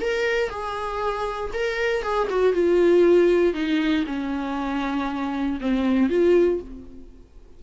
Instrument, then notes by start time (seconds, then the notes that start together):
viola
0.00 A#4
0.49 G#4
1.53 A#4
2.02 G#4
2.30 F#4
2.52 F4
3.53 D#4
4.06 C#4
5.60 C4
6.09 F4